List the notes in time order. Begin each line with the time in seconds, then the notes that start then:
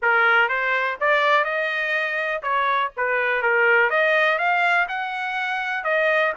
0.02 A#4
0.49 C5
1.00 D5
1.44 D#5
2.42 C#5
2.96 B4
3.42 A#4
3.90 D#5
4.38 F5
4.88 F#5
5.83 D#5